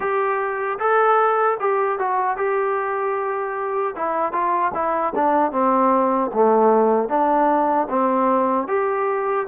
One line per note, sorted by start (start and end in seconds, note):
0.00 0.78 G4
0.79 1.58 A4
1.60 1.98 G4
1.98 2.36 F#4
2.36 3.94 G4
3.95 4.32 E4
4.32 4.72 F4
4.74 5.13 E4
5.15 5.51 D4
5.51 6.30 C4
6.33 7.08 A3
7.08 7.87 D4
7.89 8.67 C4
8.67 9.46 G4